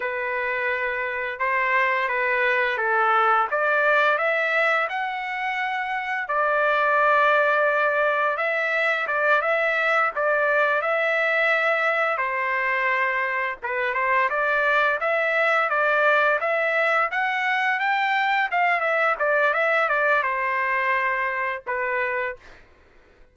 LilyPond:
\new Staff \with { instrumentName = "trumpet" } { \time 4/4 \tempo 4 = 86 b'2 c''4 b'4 | a'4 d''4 e''4 fis''4~ | fis''4 d''2. | e''4 d''8 e''4 d''4 e''8~ |
e''4. c''2 b'8 | c''8 d''4 e''4 d''4 e''8~ | e''8 fis''4 g''4 f''8 e''8 d''8 | e''8 d''8 c''2 b'4 | }